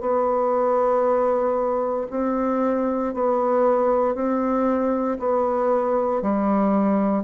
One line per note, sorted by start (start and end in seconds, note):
0.00 2.07 B3
2.10 3.14 C4
3.14 4.15 B3
4.15 5.18 C4
5.19 6.22 B3
6.22 7.24 G3